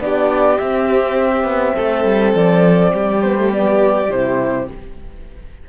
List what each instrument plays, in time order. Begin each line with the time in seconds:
0.00 cello B3, horn D4, violin G4, flute D5
0.58 cello C4, horn C4, flute E5
1.44 cello B3
1.75 cello A3, violin A4
2.05 cello G3
2.35 cello F3, flute D5
2.94 cello G3, violin G4
3.22 horn B3, flute C5
3.37 horn A3
3.51 horn B3, flute D5
4.09 cello C3, horn E4, flute C5